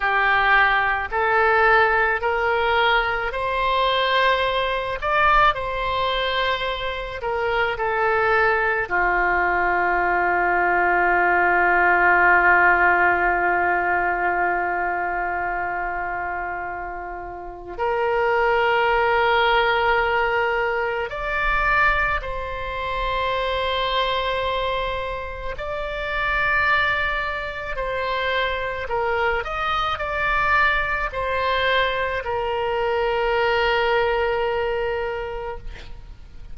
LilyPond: \new Staff \with { instrumentName = "oboe" } { \time 4/4 \tempo 4 = 54 g'4 a'4 ais'4 c''4~ | c''8 d''8 c''4. ais'8 a'4 | f'1~ | f'1 |
ais'2. d''4 | c''2. d''4~ | d''4 c''4 ais'8 dis''8 d''4 | c''4 ais'2. | }